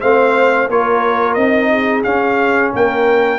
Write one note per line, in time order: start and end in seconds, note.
0.00 0.69 A3
0.00 0.69 C4
0.00 0.67 C5
0.00 0.69 F5
0.67 1.36 A#3
0.67 1.38 F4
0.67 1.70 A#4
0.67 1.34 C#5
1.34 2.04 C4
1.34 2.05 D#4
1.34 2.02 D#5
1.71 2.72 G#4
2.03 3.39 C#4
2.03 2.73 C#4
2.03 2.71 F5
2.72 3.39 A#3
2.72 3.39 A#4
2.72 3.39 G5